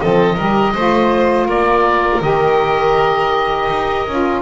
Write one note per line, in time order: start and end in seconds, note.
0.00 0.38 F3
0.00 0.37 C4
0.00 0.36 A4
0.00 1.48 D#5
0.36 0.75 G3
0.36 0.75 G4
0.36 0.73 A#4
0.75 1.46 A3
0.75 2.22 F4
0.75 1.47 C5
1.46 2.20 A#3
1.46 4.42 A#4
1.46 2.22 D5
2.21 3.69 D#3
2.21 4.07 G4
2.21 4.42 D#5
3.70 4.07 D#4
4.08 4.42 C#4
4.08 4.42 F4